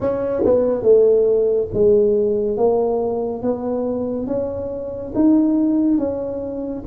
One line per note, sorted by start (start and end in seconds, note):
0.00 0.43 C#4
0.45 0.82 B3
0.82 1.68 A3
1.73 2.57 G#3
2.57 3.42 A#3
3.42 4.26 B3
4.26 5.12 C#4
5.14 5.98 D#4
5.98 6.83 C#4